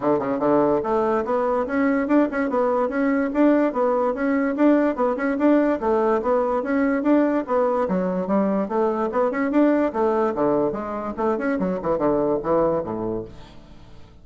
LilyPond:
\new Staff \with { instrumentName = "bassoon" } { \time 4/4 \tempo 4 = 145 d8 cis8 d4 a4 b4 | cis'4 d'8 cis'8 b4 cis'4 | d'4 b4 cis'4 d'4 | b8 cis'8 d'4 a4 b4 |
cis'4 d'4 b4 fis4 | g4 a4 b8 cis'8 d'4 | a4 d4 gis4 a8 cis'8 | fis8 e8 d4 e4 a,4 | }